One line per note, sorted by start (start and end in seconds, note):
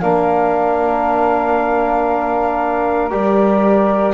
0.00 3.12 A#3
0.00 3.10 D4
0.00 4.14 A#4
0.00 3.10 F5
3.10 4.14 G3
3.10 4.14 G4
3.10 4.14 D5